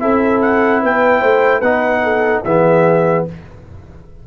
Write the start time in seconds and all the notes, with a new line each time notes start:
0.00 C4 E4 A4 E5
0.42 F#5
0.83 B3 B4 G5
1.20 A3 C5
1.60 B3 D#4 B4 F#5
2.04 A4
2.45 E3 B3 G#4 E5